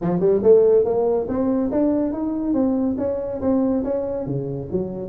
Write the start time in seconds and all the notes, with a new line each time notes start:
0.01 F3
0.20 G3
0.42 A3
0.84 A#3
1.28 C4
1.71 D4
2.13 D#4
2.53 C4
2.98 C#4
3.41 C4
3.83 C#4
4.26 C#3
4.71 F#3